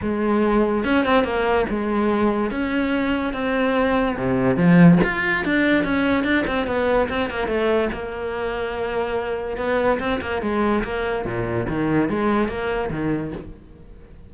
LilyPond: \new Staff \with { instrumentName = "cello" } { \time 4/4 \tempo 4 = 144 gis2 cis'8 c'8 ais4 | gis2 cis'2 | c'2 c4 f4 | f'4 d'4 cis'4 d'8 c'8 |
b4 c'8 ais8 a4 ais4~ | ais2. b4 | c'8 ais8 gis4 ais4 ais,4 | dis4 gis4 ais4 dis4 | }